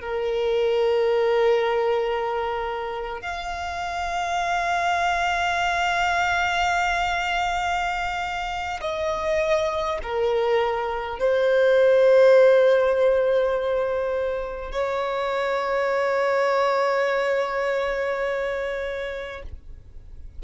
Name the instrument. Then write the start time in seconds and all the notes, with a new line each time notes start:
violin
0.00 A#4
3.21 F5
8.81 D#5
10.02 A#4
11.18 C5
14.71 C#5